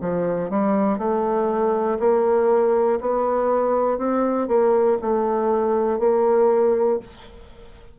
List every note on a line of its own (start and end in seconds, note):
0.00 0.49 F3
0.49 0.98 G3
0.98 1.98 A3
1.99 2.99 A#3
3.00 3.98 B3
3.98 4.48 C4
4.48 4.98 A#3
5.01 5.99 A3
5.99 6.99 A#3